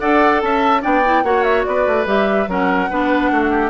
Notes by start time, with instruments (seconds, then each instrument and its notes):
0.00 bassoon D4, clarinet A4, oboe D5, flute F#5
0.42 bassoon C#4, oboe E5, flute A5
0.82 bassoon B3, clarinet D4, oboe D5, flute G5
1.05 clarinet E4
1.24 bassoon A#3, clarinet F#4, oboe C#5, flute F#5
1.44 flute E5
1.65 bassoon B3, oboe B4, flute D5
1.87 bassoon A3
2.07 bassoon G3, clarinet G4, flute E5
2.48 bassoon F#3, clarinet C#4, oboe A#4, flute F#5
2.90 bassoon B3, clarinet D4, oboe B4
3.31 bassoon A3, oboe F#4
3.51 oboe G4